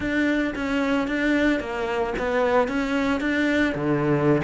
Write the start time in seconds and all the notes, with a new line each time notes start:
0.00 D4
0.55 C#4
1.07 D4
1.59 A#3
2.18 B3
2.68 C#4
3.20 D4
3.75 D3